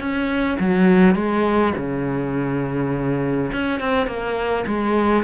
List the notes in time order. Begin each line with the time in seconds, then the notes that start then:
0.00 C#4
0.60 F#3
1.15 G#3
1.77 C#3
3.52 C#4
3.80 C4
4.07 A#3
4.67 G#3